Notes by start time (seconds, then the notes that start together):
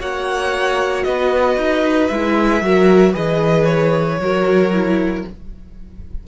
0.00 A#3 F#4 C#5 F#5
1.03 B3 B4 D#5
1.57 D#4
2.08 G#3 E4 E5
2.62 F#3 F#4 A#4
3.13 E3 G#4 B4 D#5
3.65 C#5
4.19 F#3 F#4 A#4
4.73 E4